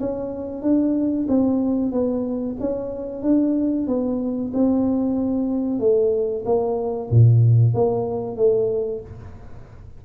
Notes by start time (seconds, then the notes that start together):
0.00 C#4
0.62 D4
1.29 C4
1.92 B3
2.60 C#4
3.23 D4
3.87 B3
4.53 C4
5.80 A3
6.45 A#3
7.11 A#2
7.74 A#3
8.36 A3